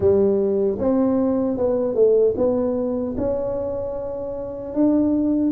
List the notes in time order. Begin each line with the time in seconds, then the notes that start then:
0.00 G3
0.79 C4
1.57 B3
1.94 A3
2.37 B3
3.17 C#4
4.74 D4